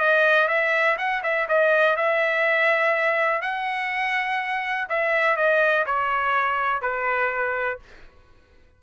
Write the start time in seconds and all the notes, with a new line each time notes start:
0.00 D#5
0.48 E5
0.98 F#5
1.23 E5
1.49 D#5
1.96 E5
3.42 F#5
4.89 E5
5.36 D#5
5.86 C#5
6.82 B4